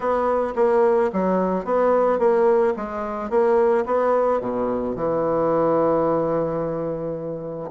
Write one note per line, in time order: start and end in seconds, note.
0.00 0.54 B3
0.55 1.10 A#3
1.12 1.65 F#3
1.65 2.18 B3
2.18 2.73 A#3
2.76 3.30 G#3
3.30 3.85 A#3
3.85 4.40 B3
4.40 4.95 B2
4.95 7.70 E3